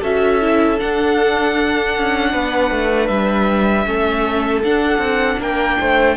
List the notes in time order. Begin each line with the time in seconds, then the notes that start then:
0.00 C#4 F#4 A4 E5
0.41 E4
0.78 D4 F#5
1.97 C#4
2.31 B3 B4
2.70 A3
3.07 G3 E5
3.85 A3 C#4 A4
4.64 D4 F#5
4.98 C4
5.38 A#3 A#4 G5
5.80 A3 C5